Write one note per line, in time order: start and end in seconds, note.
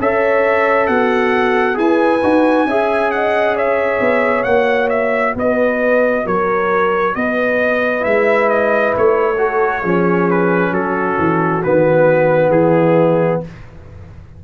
0.00 0.88 C#4
0.00 1.74 A4
0.00 0.89 C#5
0.00 0.87 E5
0.87 1.78 B3
0.87 1.78 F#4
0.87 1.76 F#5
1.74 2.22 E4
1.74 2.19 G#4
1.74 2.68 B4
1.74 3.11 G#5
2.23 2.65 D#4
2.23 2.68 F#4
2.65 3.99 C#4
2.65 4.46 G#4
2.65 3.12 E5
3.11 3.57 D#5
3.11 3.56 F#5
3.57 5.36 C#5
3.57 4.44 E5
4.00 4.45 B3
4.44 5.35 A#3
4.44 8.00 F#4
4.44 4.88 F#5
4.89 5.34 E5
5.35 6.25 B3
5.35 6.25 B4
5.35 6.27 D#5
6.25 7.16 F#3
6.25 7.15 A#4
6.25 7.15 C#5
7.15 8.05 B3
7.15 9.38 B4
7.15 8.04 D#5
8.00 8.95 G#3
8.00 9.34 E4
8.00 8.49 E5
8.49 8.94 D#5
8.97 9.84 A3
8.97 10.30 C#5
9.38 9.82 F#4
9.38 9.81 A4
9.81 10.72 F3
9.81 11.62 C#4
9.81 10.71 G#4
10.30 10.74 B4
10.72 11.17 F#3
10.72 12.53 F#4
10.72 11.63 A4
11.19 11.63 E3
11.63 12.49 D#3
11.63 13.44 B3
11.63 12.51 B4
12.49 13.39 E3
12.49 13.43 E4
12.49 13.41 G#4